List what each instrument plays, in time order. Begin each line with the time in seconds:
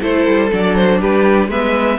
0.00 cello A3, viola E4, violin A4 C5
0.26 cello G3
0.51 cello F#3, viola D4, violin D5
0.75 violin C5
1.00 cello G3, violin G4 B4
1.48 cello G#3, viola B3, violin B4 E5